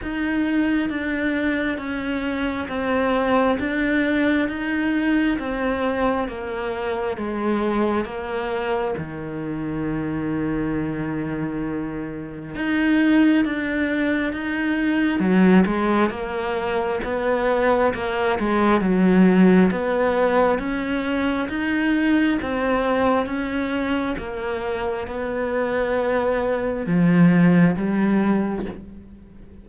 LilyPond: \new Staff \with { instrumentName = "cello" } { \time 4/4 \tempo 4 = 67 dis'4 d'4 cis'4 c'4 | d'4 dis'4 c'4 ais4 | gis4 ais4 dis2~ | dis2 dis'4 d'4 |
dis'4 fis8 gis8 ais4 b4 | ais8 gis8 fis4 b4 cis'4 | dis'4 c'4 cis'4 ais4 | b2 f4 g4 | }